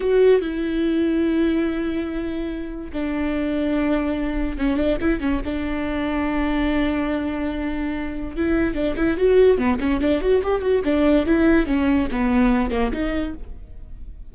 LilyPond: \new Staff \with { instrumentName = "viola" } { \time 4/4 \tempo 4 = 144 fis'4 e'2.~ | e'2. d'4~ | d'2. cis'8 d'8 | e'8 cis'8 d'2.~ |
d'1 | e'4 d'8 e'8 fis'4 b8 cis'8 | d'8 fis'8 g'8 fis'8 d'4 e'4 | cis'4 b4. ais8 dis'4 | }